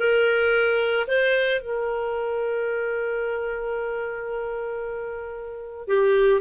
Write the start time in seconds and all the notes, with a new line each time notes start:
0.00 A#4
1.08 C5
1.61 A#4
5.88 G4